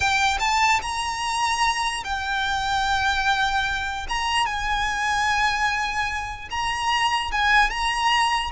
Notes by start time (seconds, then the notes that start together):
0.00 G5
0.39 A5
0.82 A#5
2.04 G5
4.08 A#5
4.46 G#5
6.50 A#5
7.31 G#5
7.70 A#5